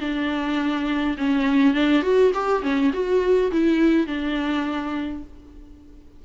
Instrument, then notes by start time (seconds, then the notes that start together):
viola
0.00 D4
1.17 C#4
1.74 D4
2.02 F#4
2.34 G4
2.62 C#4
2.93 F#4
3.51 E4
4.06 D4